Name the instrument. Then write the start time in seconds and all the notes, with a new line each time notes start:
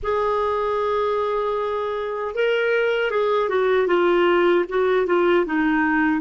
clarinet
0.02 G#4
2.34 A#4
3.10 G#4
3.49 F#4
3.87 F4
4.69 F#4
5.06 F4
5.45 D#4